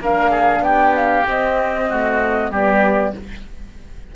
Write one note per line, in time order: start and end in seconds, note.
0.00 0.60 A#3
0.00 1.27 D4
0.00 0.30 A#4
0.00 0.63 F5
0.30 0.62 G#4
0.60 1.23 B3
0.60 1.89 G4
0.60 0.94 G5
0.96 1.27 F5
1.27 1.89 C4
1.27 2.51 C4
1.27 2.53 D#5
1.89 2.53 A3
1.89 2.51 F#4
2.51 3.13 G3
2.51 3.15 B3
2.51 3.14 G4
2.51 3.15 D5